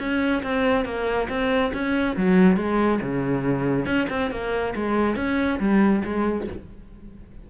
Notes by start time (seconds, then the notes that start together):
0.00 C#4
0.44 C4
0.86 A#3
1.29 C4
1.74 C#4
2.17 F#3
2.57 G#3
3.02 C#3
3.86 C#4
4.10 C4
4.31 A#3
4.76 G#3
5.16 C#4
5.60 G3
6.05 G#3